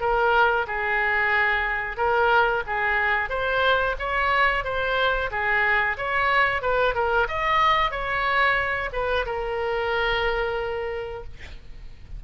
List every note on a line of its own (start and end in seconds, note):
0.00 0.66 A#4
0.67 1.97 G#4
1.97 2.63 A#4
2.66 3.29 G#4
3.29 3.95 C5
3.99 4.64 C#5
4.64 5.30 C5
5.31 5.97 G#4
5.97 6.61 C#5
6.61 6.94 B4
6.94 7.27 A#4
7.28 7.91 D#5
7.91 8.90 C#5
8.92 9.25 B4
9.25 11.23 A#4